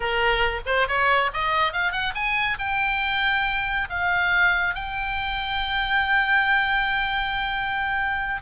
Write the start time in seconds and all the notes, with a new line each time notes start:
0.00 A#4
0.66 C5
0.88 C#5
1.33 D#5
1.72 F5
1.92 F#5
2.14 G#5
2.58 G5
3.89 F5
4.74 G5